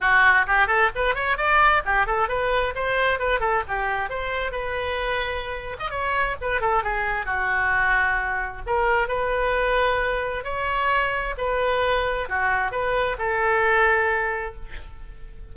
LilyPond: \new Staff \with { instrumentName = "oboe" } { \time 4/4 \tempo 4 = 132 fis'4 g'8 a'8 b'8 cis''8 d''4 | g'8 a'8 b'4 c''4 b'8 a'8 | g'4 c''4 b'2~ | b'8. dis''16 cis''4 b'8 a'8 gis'4 |
fis'2. ais'4 | b'2. cis''4~ | cis''4 b'2 fis'4 | b'4 a'2. | }